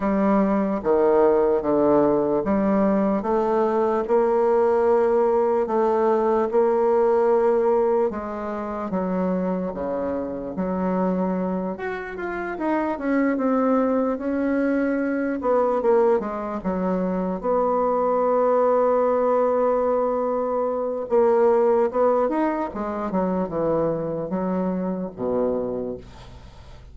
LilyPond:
\new Staff \with { instrumentName = "bassoon" } { \time 4/4 \tempo 4 = 74 g4 dis4 d4 g4 | a4 ais2 a4 | ais2 gis4 fis4 | cis4 fis4. fis'8 f'8 dis'8 |
cis'8 c'4 cis'4. b8 ais8 | gis8 fis4 b2~ b8~ | b2 ais4 b8 dis'8 | gis8 fis8 e4 fis4 b,4 | }